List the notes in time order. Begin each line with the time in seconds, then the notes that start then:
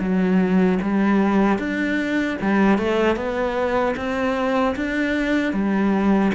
0.00 F#3
0.83 G3
1.59 D4
2.42 G3
2.78 A3
3.17 B3
3.97 C4
4.76 D4
5.53 G3